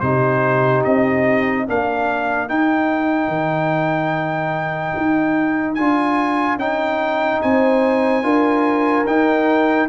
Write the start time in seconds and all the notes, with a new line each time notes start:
0.00 C3 D#4 G4 C5
0.84 C4 D#5
1.67 A#3 D4 A#4 F5
2.49 D#4 G5
3.28 D#3
4.97 D#4
5.75 D4 F4 G#5
6.57 C#4 D#4 G5
7.42 C4 C5 G#5
8.23 D4 F4 A#4
9.06 D#4 G5